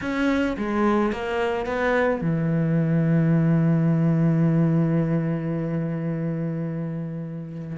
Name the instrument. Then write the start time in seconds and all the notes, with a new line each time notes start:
cello
0.01 C#4
0.57 G#3
1.12 A#3
1.65 B3
2.21 E3